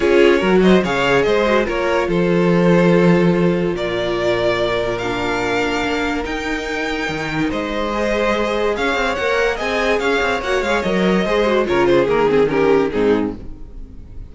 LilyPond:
<<
  \new Staff \with { instrumentName = "violin" } { \time 4/4 \tempo 4 = 144 cis''4. dis''8 f''4 dis''4 | cis''4 c''2.~ | c''4 d''2. | f''2. g''4~ |
g''2 dis''2~ | dis''4 f''4 fis''4 gis''4 | f''4 fis''8 f''8 dis''2 | cis''8 c''8 ais'8 gis'8 ais'4 gis'4 | }
  \new Staff \with { instrumentName = "violin" } { \time 4/4 gis'4 ais'8 c''8 cis''4 c''4 | ais'4 a'2.~ | a'4 ais'2.~ | ais'1~ |
ais'2 c''2~ | c''4 cis''2 dis''4 | cis''2. c''4 | ais'8 gis'4. g'4 dis'4 | }
  \new Staff \with { instrumentName = "viola" } { \time 4/4 f'4 fis'4 gis'4. fis'8 | f'1~ | f'1 | d'2. dis'4~ |
dis'2. gis'4~ | gis'2 ais'4 gis'4~ | gis'4 fis'8 gis'8 ais'4 gis'8 fis'8 | f'4 ais8 c'8 cis'4 c'4 | }
  \new Staff \with { instrumentName = "cello" } { \time 4/4 cis'4 fis4 cis4 gis4 | ais4 f2.~ | f4 ais,2.~ | ais,2 ais4 dis'4~ |
dis'4 dis4 gis2~ | gis4 cis'8 c'8 ais4 c'4 | cis'8 c'8 ais8 gis8 fis4 gis4 | cis4 dis2 gis,4 | }
>>